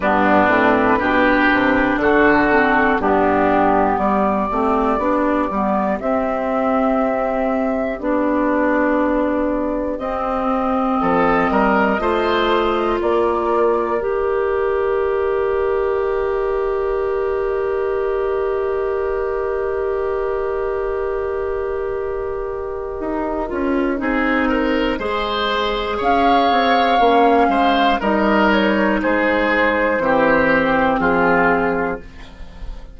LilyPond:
<<
  \new Staff \with { instrumentName = "flute" } { \time 4/4 \tempo 4 = 60 b'2 a'4 g'4 | d''2 e''2 | d''2 dis''2~ | dis''4 d''4 dis''2~ |
dis''1~ | dis''1~ | dis''2 f''2 | dis''8 cis''8 c''2 gis'4 | }
  \new Staff \with { instrumentName = "oboe" } { \time 4/4 d'4 g'4 fis'4 d'4 | g'1~ | g'2. a'8 ais'8 | c''4 ais'2.~ |
ais'1~ | ais'1 | gis'8 ais'8 c''4 cis''4. c''8 | ais'4 gis'4 g'4 f'4 | }
  \new Staff \with { instrumentName = "clarinet" } { \time 4/4 b8 c'8 d'4. c'8 b4~ | b8 c'8 d'8 b8 c'2 | d'2 c'2 | f'2 g'2~ |
g'1~ | g'2.~ g'8 f'8 | dis'4 gis'2 cis'4 | dis'2 c'2 | }
  \new Staff \with { instrumentName = "bassoon" } { \time 4/4 g,8 a,8 b,8 c8 d4 g,4 | g8 a8 b8 g8 c'2 | b2 c'4 f8 g8 | a4 ais4 dis2~ |
dis1~ | dis2. dis'8 cis'8 | c'4 gis4 cis'8 c'8 ais8 gis8 | g4 gis4 e4 f4 | }
>>